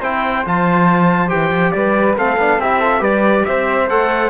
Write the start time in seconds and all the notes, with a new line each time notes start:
0.00 C4 E4 C5 G5
0.46 F3 F4 A5
1.28 E3 G4 G5
1.50 F3
1.72 G3 B4 D5
2.17 A3 C4 A4 F5
2.37 B3 D4
2.58 C4 E4 G4 E5
2.80 F4 A4
2.99 G3 G4 B4 D5
3.45 C4 C5 E5
3.89 A3 A4 F#5